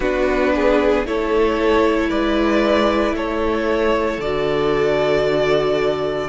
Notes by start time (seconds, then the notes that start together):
0.00 B3 D4 F#4 B4
0.55 G#4
1.05 A3 E4 A4 C#5
2.09 G#3 B4 D5
3.13 A3 A4 C#5
4.17 D3 F#4 D5